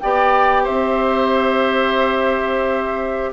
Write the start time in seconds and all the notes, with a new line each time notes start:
0.00 B3 G4 D5 G5
0.64 C4 C5 E5